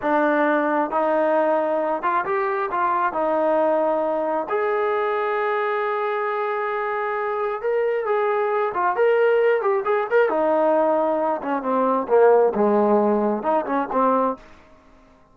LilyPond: \new Staff \with { instrumentName = "trombone" } { \time 4/4 \tempo 4 = 134 d'2 dis'2~ | dis'8 f'8 g'4 f'4 dis'4~ | dis'2 gis'2~ | gis'1~ |
gis'4 ais'4 gis'4. f'8 | ais'4. g'8 gis'8 ais'8 dis'4~ | dis'4. cis'8 c'4 ais4 | gis2 dis'8 cis'8 c'4 | }